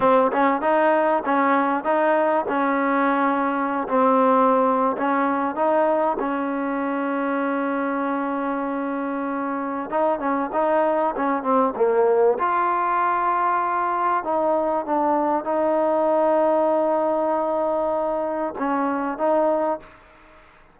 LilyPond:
\new Staff \with { instrumentName = "trombone" } { \time 4/4 \tempo 4 = 97 c'8 cis'8 dis'4 cis'4 dis'4 | cis'2~ cis'16 c'4.~ c'16 | cis'4 dis'4 cis'2~ | cis'1 |
dis'8 cis'8 dis'4 cis'8 c'8 ais4 | f'2. dis'4 | d'4 dis'2.~ | dis'2 cis'4 dis'4 | }